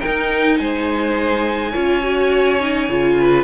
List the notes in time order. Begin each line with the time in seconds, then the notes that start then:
0.00 D#4 A#4 G5
0.06 D#4
0.58 G#3 C5 G#5
1.71 C#4 F4 C#5
2.02 F#4
2.60 D#4
2.89 C#3 F4
3.19 B4